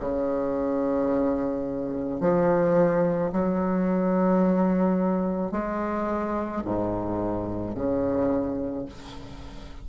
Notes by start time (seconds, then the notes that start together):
0.00 C#3
2.21 F3
3.33 F#3
5.52 G#3
6.65 G#2
7.75 C#3